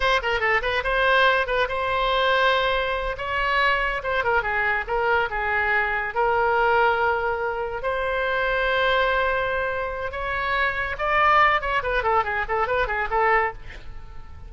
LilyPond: \new Staff \with { instrumentName = "oboe" } { \time 4/4 \tempo 4 = 142 c''8 ais'8 a'8 b'8 c''4. b'8 | c''2.~ c''8 cis''8~ | cis''4. c''8 ais'8 gis'4 ais'8~ | ais'8 gis'2 ais'4.~ |
ais'2~ ais'8 c''4.~ | c''1 | cis''2 d''4. cis''8 | b'8 a'8 gis'8 a'8 b'8 gis'8 a'4 | }